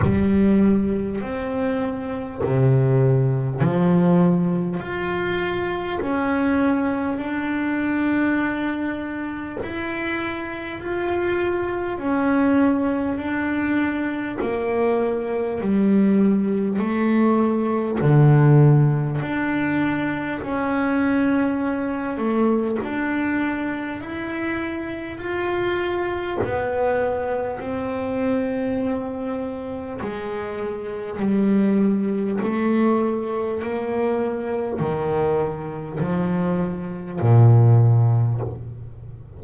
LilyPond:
\new Staff \with { instrumentName = "double bass" } { \time 4/4 \tempo 4 = 50 g4 c'4 c4 f4 | f'4 cis'4 d'2 | e'4 f'4 cis'4 d'4 | ais4 g4 a4 d4 |
d'4 cis'4. a8 d'4 | e'4 f'4 b4 c'4~ | c'4 gis4 g4 a4 | ais4 dis4 f4 ais,4 | }